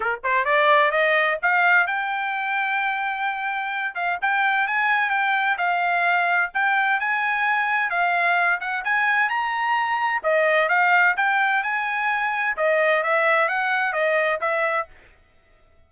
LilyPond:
\new Staff \with { instrumentName = "trumpet" } { \time 4/4 \tempo 4 = 129 ais'8 c''8 d''4 dis''4 f''4 | g''1~ | g''8 f''8 g''4 gis''4 g''4 | f''2 g''4 gis''4~ |
gis''4 f''4. fis''8 gis''4 | ais''2 dis''4 f''4 | g''4 gis''2 dis''4 | e''4 fis''4 dis''4 e''4 | }